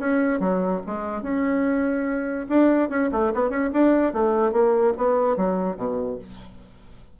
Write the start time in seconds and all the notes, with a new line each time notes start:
0.00 C#4
0.40 F#3
0.87 G#3
1.23 C#4
2.49 D4
2.90 C#4
3.12 A3
3.35 B3
3.50 C#4
3.73 D4
4.13 A3
4.52 A#3
4.98 B3
5.37 F#3
5.77 B2